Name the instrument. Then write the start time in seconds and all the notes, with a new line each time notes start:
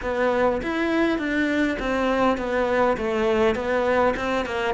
cello
0.02 B3
0.62 E4
1.18 D4
1.79 C4
2.37 B3
2.97 A3
3.55 B3
4.16 C4
4.45 A#3